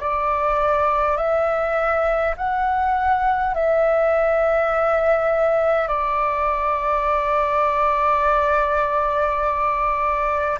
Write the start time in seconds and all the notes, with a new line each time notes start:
0.00 D5
1.17 E5
2.37 F#5
3.54 E5
5.88 D5